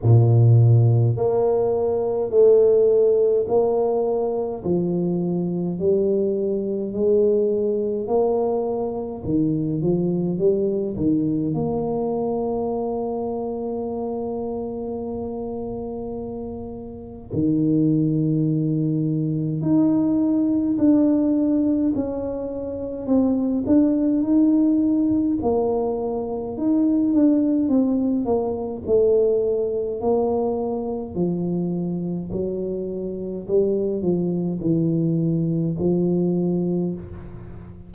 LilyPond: \new Staff \with { instrumentName = "tuba" } { \time 4/4 \tempo 4 = 52 ais,4 ais4 a4 ais4 | f4 g4 gis4 ais4 | dis8 f8 g8 dis8 ais2~ | ais2. dis4~ |
dis4 dis'4 d'4 cis'4 | c'8 d'8 dis'4 ais4 dis'8 d'8 | c'8 ais8 a4 ais4 f4 | fis4 g8 f8 e4 f4 | }